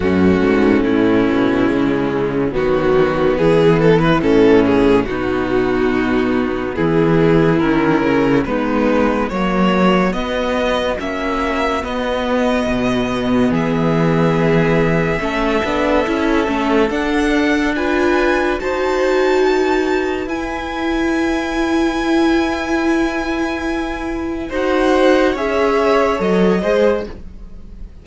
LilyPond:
<<
  \new Staff \with { instrumentName = "violin" } { \time 4/4 \tempo 4 = 71 fis'4 e'2 fis'4 | gis'8 a'16 b'16 a'8 gis'8 fis'2 | gis'4 ais'4 b'4 cis''4 | dis''4 e''4 dis''2 |
e''1 | fis''4 gis''4 a''2 | gis''1~ | gis''4 fis''4 e''4 dis''4 | }
  \new Staff \with { instrumentName = "violin" } { \time 4/4 cis'2. b4~ | b4 cis'4 dis'2 | e'2 dis'4 fis'4~ | fis'1 |
gis'2 a'2~ | a'4 b'4 c''4 b'4~ | b'1~ | b'4 c''4 cis''4. c''8 | }
  \new Staff \with { instrumentName = "viola" } { \time 4/4 a2 gis4 fis4 | e2 b2~ | b4 cis'4 b4 ais4 | b4 cis'4 b2~ |
b2 cis'8 d'8 e'8 cis'8 | d'4 f'4 fis'2 | e'1~ | e'4 fis'4 gis'4 a'8 gis'8 | }
  \new Staff \with { instrumentName = "cello" } { \time 4/4 fis,8 gis,8 a,8 b,8 cis4 dis4 | e4 a,4 b,2 | e4 dis8 cis8 gis4 fis4 | b4 ais4 b4 b,4 |
e2 a8 b8 cis'8 a8 | d'2 dis'2 | e'1~ | e'4 dis'4 cis'4 fis8 gis8 | }
>>